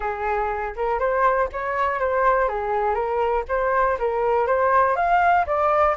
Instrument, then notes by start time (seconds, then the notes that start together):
flute
0.00 G#4
0.76 A#4
0.99 C5
1.52 C#5
1.99 C5
2.48 G#4
2.94 A#4
3.48 C5
3.98 A#4
4.46 C5
4.95 F5
5.46 D5